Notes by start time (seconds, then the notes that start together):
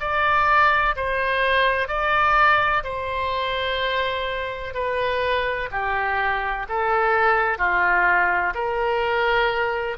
0.00 D5
0.96 C5
1.88 D5
2.84 C5
4.74 B4
5.71 G4
6.69 A4
7.58 F4
8.54 A#4